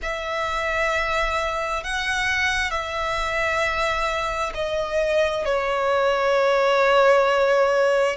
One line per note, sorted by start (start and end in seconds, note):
0.02 1.83 E5
1.83 2.70 F#5
2.70 4.52 E5
4.54 5.45 D#5
5.45 8.16 C#5